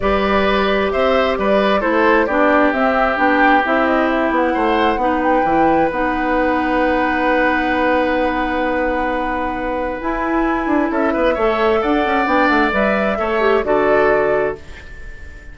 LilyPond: <<
  \new Staff \with { instrumentName = "flute" } { \time 4/4 \tempo 4 = 132 d''2 e''4 d''4 | c''4 d''4 e''4 g''4 | e''8 dis''8 e''8 fis''2 g''8~ | g''4 fis''2.~ |
fis''1~ | fis''2 gis''2 | e''2 fis''4 g''8 fis''8 | e''2 d''2 | }
  \new Staff \with { instrumentName = "oboe" } { \time 4/4 b'2 c''4 b'4 | a'4 g'2.~ | g'2 c''4 b'4~ | b'1~ |
b'1~ | b'1 | a'8 b'8 cis''4 d''2~ | d''4 cis''4 a'2 | }
  \new Staff \with { instrumentName = "clarinet" } { \time 4/4 g'1 | e'4 d'4 c'4 d'4 | e'2. dis'4 | e'4 dis'2.~ |
dis'1~ | dis'2 e'2~ | e'4 a'2 d'4 | b'4 a'8 g'8 fis'2 | }
  \new Staff \with { instrumentName = "bassoon" } { \time 4/4 g2 c'4 g4 | a4 b4 c'4 b4 | c'4. b8 a4 b4 | e4 b2.~ |
b1~ | b2 e'4. d'8 | cis'8 b8 a4 d'8 cis'8 b8 a8 | g4 a4 d2 | }
>>